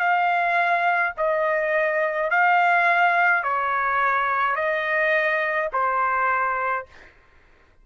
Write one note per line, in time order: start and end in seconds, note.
0.00 1.13 F5
1.17 2.31 D#5
2.31 3.44 F5
3.44 4.56 C#5
4.56 5.69 D#5
5.73 6.86 C5